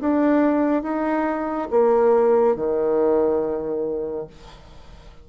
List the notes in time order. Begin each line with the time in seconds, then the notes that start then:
0.00 D4
0.83 D#4
1.71 A#3
2.56 D#3